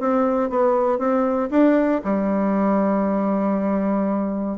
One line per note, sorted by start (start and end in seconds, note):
0.00 0.50 C4
0.50 0.98 B3
0.98 1.49 C4
1.51 2.02 D4
2.05 4.58 G3